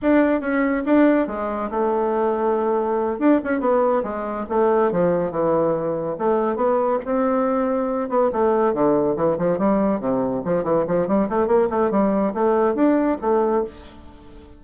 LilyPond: \new Staff \with { instrumentName = "bassoon" } { \time 4/4 \tempo 4 = 141 d'4 cis'4 d'4 gis4 | a2.~ a8 d'8 | cis'8 b4 gis4 a4 f8~ | f8 e2 a4 b8~ |
b8 c'2~ c'8 b8 a8~ | a8 d4 e8 f8 g4 c8~ | c8 f8 e8 f8 g8 a8 ais8 a8 | g4 a4 d'4 a4 | }